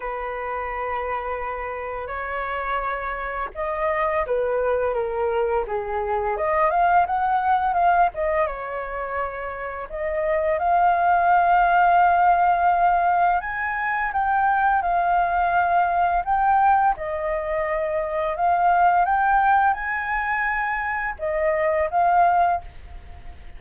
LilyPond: \new Staff \with { instrumentName = "flute" } { \time 4/4 \tempo 4 = 85 b'2. cis''4~ | cis''4 dis''4 b'4 ais'4 | gis'4 dis''8 f''8 fis''4 f''8 dis''8 | cis''2 dis''4 f''4~ |
f''2. gis''4 | g''4 f''2 g''4 | dis''2 f''4 g''4 | gis''2 dis''4 f''4 | }